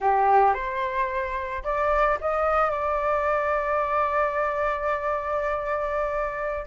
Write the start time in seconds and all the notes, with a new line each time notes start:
0.00 G4
0.54 C5
1.64 D5
2.21 D#5
2.70 D5